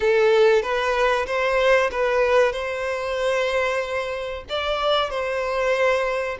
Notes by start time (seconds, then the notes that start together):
0.00 A4
0.62 B4
1.26 C5
1.91 B4
2.52 C5
4.49 D5
5.09 C5